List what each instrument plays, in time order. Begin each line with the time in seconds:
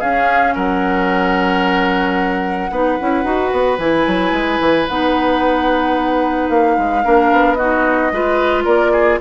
0.00 clarinet C#4, bassoon C#4, oboe G#4, flute F5
0.55 bassoon F#3, oboe A#4, flute F#5
2.71 bassoon B3, clarinet D#4, oboe B4
2.99 bassoon C#4, clarinet E4
3.24 bassoon D#4, clarinet F#4
3.52 bassoon B3
3.78 bassoon E3, clarinet E4, flute G#5
4.07 bassoon F#3
4.32 bassoon G#3
4.61 bassoon E3
4.88 bassoon B3, clarinet D#4, flute F#5
6.50 bassoon A#3, flute F5
6.78 bassoon G#3
7.04 bassoon A#3, clarinet D4, oboe A#4
7.31 bassoon B3
7.54 clarinet D#4, oboe F#4, flute D#5
8.12 bassoon G#3, clarinet F4, oboe B4
8.65 bassoon A#3, oboe A#4, flute D5
8.92 oboe G#4